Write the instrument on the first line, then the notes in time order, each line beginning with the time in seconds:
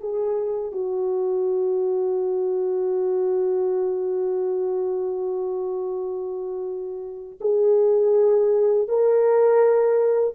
horn
0.00 G#4
0.72 F#4
7.41 G#4
8.88 A#4